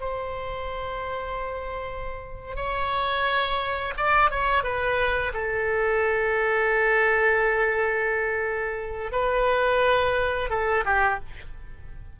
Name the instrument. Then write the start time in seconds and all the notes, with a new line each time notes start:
oboe
0.00 C5
2.55 C#5
3.97 D5
4.30 C#5
4.63 B4
5.33 A4
9.12 B4
10.49 A4
10.85 G4